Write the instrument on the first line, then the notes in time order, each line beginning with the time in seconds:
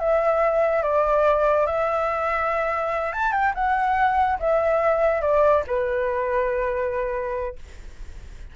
flute
0.00 E5
0.83 D5
1.67 E5
3.13 A5
3.33 G5
3.55 F#5
4.40 E5
5.22 D5
5.67 B4